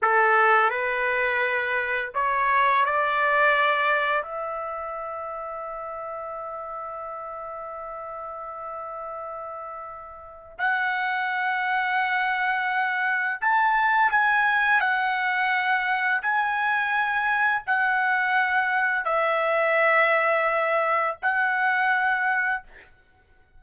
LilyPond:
\new Staff \with { instrumentName = "trumpet" } { \time 4/4 \tempo 4 = 85 a'4 b'2 cis''4 | d''2 e''2~ | e''1~ | e''2. fis''4~ |
fis''2. a''4 | gis''4 fis''2 gis''4~ | gis''4 fis''2 e''4~ | e''2 fis''2 | }